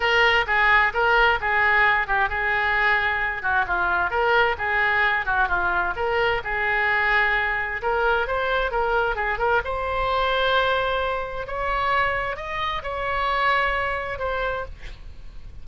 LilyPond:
\new Staff \with { instrumentName = "oboe" } { \time 4/4 \tempo 4 = 131 ais'4 gis'4 ais'4 gis'4~ | gis'8 g'8 gis'2~ gis'8 fis'8 | f'4 ais'4 gis'4. fis'8 | f'4 ais'4 gis'2~ |
gis'4 ais'4 c''4 ais'4 | gis'8 ais'8 c''2.~ | c''4 cis''2 dis''4 | cis''2. c''4 | }